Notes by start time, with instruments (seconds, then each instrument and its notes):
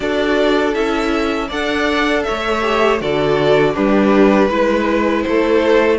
0.00 cello D4, viola F#4, violin A4 D5
0.73 cello C#4, viola E4, violin E5
1.48 cello D4, viola A4, violin D5 F#5
2.23 violin C#5 E5
2.29 cello A3
2.61 viola G4
3.00 cello D3, viola F#4, violin A4 D5
3.73 cello G3, violin D4 B4, viola G4
4.49 cello G#3, viola E4, violin B4
5.22 cello A3, violin C5
5.28 violin A4